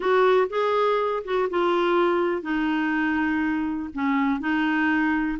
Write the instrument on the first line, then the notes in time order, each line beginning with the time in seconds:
clarinet
0.00 F#4
0.49 G#4
1.24 F#4
1.50 F4
2.41 D#4
3.93 C#4
4.39 D#4